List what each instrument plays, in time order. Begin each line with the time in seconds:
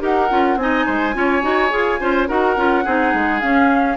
0.00 bassoon D#4, clarinet G4, oboe A#4, flute F#5
0.29 bassoon C#4, clarinet F4
0.56 bassoon C4, clarinet D#4, flute G#5
0.62 oboe D#5
0.86 bassoon G#3, oboe C5
1.13 bassoon C#4, clarinet F4, oboe C#5
1.42 bassoon D#4, clarinet F#4
1.70 bassoon F4, clarinet G#4
2.00 bassoon C#4, clarinet F4, oboe C5
2.28 bassoon D#4, clarinet F#4, oboe A#4, flute F#5
2.56 bassoon C#4, clarinet F4
2.84 bassoon C4, clarinet D#4, oboe G#4
3.14 bassoon G#3
3.40 clarinet C#4, bassoon C#4, flute F5